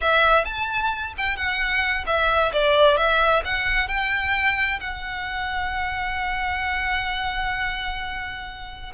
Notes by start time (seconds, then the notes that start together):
0.01 E5
0.45 A5
1.17 G5
1.36 F#5
2.06 E5
2.52 D5
2.97 E5
3.44 F#5
3.88 G5
4.79 F#5